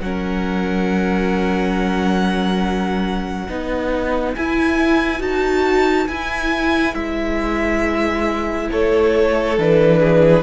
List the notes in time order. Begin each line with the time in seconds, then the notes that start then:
0.00 F#3 C#4 A#4 F#5
3.48 B3 D#4 B4
4.35 E4 G#5
5.19 D#4 F#4 A5
6.08 E4 G#5
6.95 G#3 E5
8.71 A3 A4 C#5
9.58 E3 D4 B4
10.00 G#4